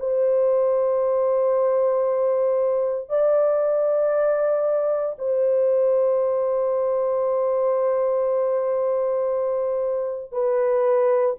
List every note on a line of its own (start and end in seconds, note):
0.00 3.09 C5
3.09 5.16 D5
5.19 10.33 C5
10.33 11.36 B4